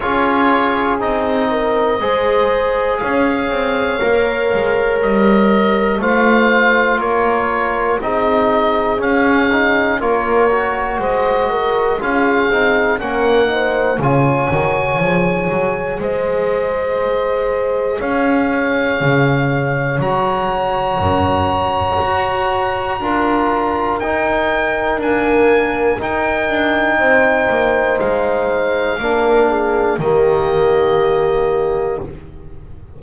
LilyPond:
<<
  \new Staff \with { instrumentName = "oboe" } { \time 4/4 \tempo 4 = 60 cis''4 dis''2 f''4~ | f''4 dis''4 f''4 cis''4 | dis''4 f''4 cis''4 dis''4 | f''4 fis''4 gis''2 |
dis''2 f''2 | ais''1 | g''4 gis''4 g''2 | f''2 dis''2 | }
  \new Staff \with { instrumentName = "horn" } { \time 4/4 gis'4. ais'8 c''4 cis''4~ | cis''2 c''4 ais'4 | gis'2 ais'4 c''8 ais'8 | gis'4 ais'8 c''8 cis''2 |
c''2 cis''2~ | cis''2. ais'4~ | ais'2. c''4~ | c''4 ais'8 gis'8 g'2 | }
  \new Staff \with { instrumentName = "trombone" } { \time 4/4 f'4 dis'4 gis'2 | ais'2 f'2 | dis'4 cis'8 dis'8 f'8 fis'4. | f'8 dis'8 cis'8 dis'8 f'8 fis'8 gis'4~ |
gis'1 | fis'2. f'4 | dis'4 ais4 dis'2~ | dis'4 d'4 ais2 | }
  \new Staff \with { instrumentName = "double bass" } { \time 4/4 cis'4 c'4 gis4 cis'8 c'8 | ais8 gis8 g4 a4 ais4 | c'4 cis'4 ais4 gis4 | cis'8 c'8 ais4 cis8 dis8 f8 fis8 |
gis2 cis'4 cis4 | fis4 fis,4 fis'4 d'4 | dis'4 d'4 dis'8 d'8 c'8 ais8 | gis4 ais4 dis2 | }
>>